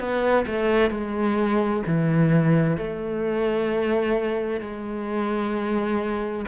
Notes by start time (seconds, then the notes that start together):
0.00 B3
0.47 A3
0.91 G#3
1.87 E3
2.77 A3
4.61 G#3